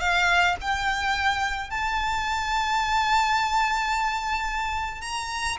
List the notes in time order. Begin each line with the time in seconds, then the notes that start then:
0.00 F5
0.61 G5
1.70 A5
5.01 A#5